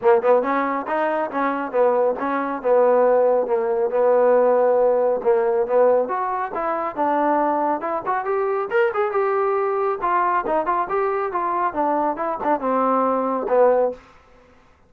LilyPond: \new Staff \with { instrumentName = "trombone" } { \time 4/4 \tempo 4 = 138 ais8 b8 cis'4 dis'4 cis'4 | b4 cis'4 b2 | ais4 b2. | ais4 b4 fis'4 e'4 |
d'2 e'8 fis'8 g'4 | ais'8 gis'8 g'2 f'4 | dis'8 f'8 g'4 f'4 d'4 | e'8 d'8 c'2 b4 | }